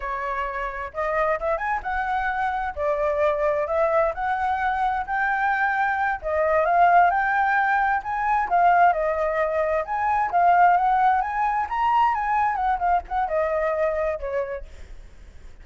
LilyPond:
\new Staff \with { instrumentName = "flute" } { \time 4/4 \tempo 4 = 131 cis''2 dis''4 e''8 gis''8 | fis''2 d''2 | e''4 fis''2 g''4~ | g''4. dis''4 f''4 g''8~ |
g''4. gis''4 f''4 dis''8~ | dis''4. gis''4 f''4 fis''8~ | fis''8 gis''4 ais''4 gis''4 fis''8 | f''8 fis''8 dis''2 cis''4 | }